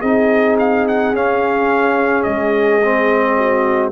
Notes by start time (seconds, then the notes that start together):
0.00 C4 D#4 G#4 D#5
0.59 F5
0.88 F#5
1.14 C#4 F5
2.23 G#3 D#5
2.83 C4
3.38 F#4